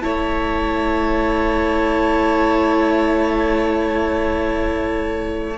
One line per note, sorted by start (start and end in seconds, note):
0.00 5.58 A3
0.00 5.56 E4
0.00 5.58 C#5
0.00 5.57 A5